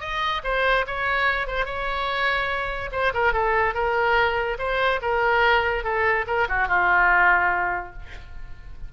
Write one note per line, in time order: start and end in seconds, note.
0.00 0.42 D#5
0.44 0.85 C5
0.87 1.47 C#5
1.47 1.65 C5
1.65 2.90 C#5
2.92 3.13 C5
3.14 3.33 A#4
3.33 3.74 A4
3.74 4.57 A#4
4.58 5.00 C5
5.02 5.84 A#4
5.84 6.25 A4
6.27 6.48 A#4
6.49 6.68 F#4
6.68 7.93 F4